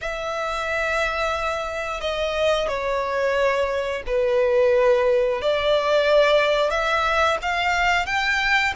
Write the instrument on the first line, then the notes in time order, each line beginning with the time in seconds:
violin
0.01 E5
2.00 D#5
2.68 C#5
4.06 B4
5.41 D5
6.70 E5
7.42 F5
8.06 G5